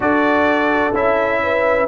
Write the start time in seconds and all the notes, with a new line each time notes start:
0.00 D4 F#4 A4 D5
0.93 C#4 E4 E5
1.43 B4